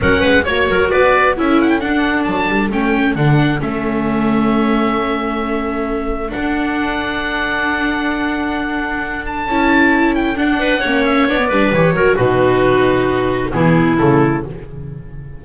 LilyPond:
<<
  \new Staff \with { instrumentName = "oboe" } { \time 4/4 \tempo 4 = 133 fis''4 cis''4 d''4 e''8 fis''16 g''16 | fis''4 a''4 g''4 fis''4 | e''1~ | e''2 fis''2~ |
fis''1~ | fis''8 a''2 g''8 fis''4~ | fis''8 e''8 d''4 cis''4 b'4~ | b'2 gis'4 a'4 | }
  \new Staff \with { instrumentName = "clarinet" } { \time 4/4 ais'8 b'8 cis''8 ais'8 b'4 a'4~ | a'1~ | a'1~ | a'1~ |
a'1~ | a'2.~ a'8 b'8 | cis''4. b'4 ais'8 fis'4~ | fis'2 e'2 | }
  \new Staff \with { instrumentName = "viola" } { \time 4/4 cis'4 fis'2 e'4 | d'2 cis'4 d'4 | cis'1~ | cis'2 d'2~ |
d'1~ | d'4 e'2 d'4 | cis'4 d'16 b16 d'8 g'8 fis'8 dis'4~ | dis'2 b4 a4 | }
  \new Staff \with { instrumentName = "double bass" } { \time 4/4 fis8 gis8 ais8 fis8 b4 cis'4 | d'4 fis8 g8 a4 d4 | a1~ | a2 d'2~ |
d'1~ | d'4 cis'2 d'4 | ais4 b8 g8 e8 fis8 b,4~ | b,2 e4 cis4 | }
>>